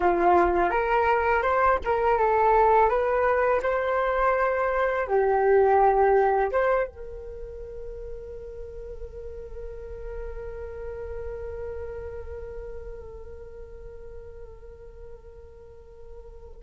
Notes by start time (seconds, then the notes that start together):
0.00 F4
0.70 A#4
1.42 C5
1.84 A#4
2.18 A4
2.89 B4
3.62 C5
5.07 G4
6.51 C5
6.87 A#4